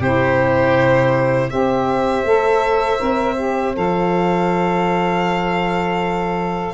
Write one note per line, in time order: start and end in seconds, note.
0.00 1.50 C3
0.00 1.51 E4
0.00 1.51 G4
0.00 1.50 C5
1.50 2.24 C4
1.50 2.25 G4
1.50 6.74 C5
1.50 3.75 E5
2.24 2.99 A3
2.24 2.98 A4
2.98 3.77 C4
2.98 3.35 A#4
3.37 3.74 G4
3.75 6.74 F3
3.75 6.74 A4
3.75 6.74 F5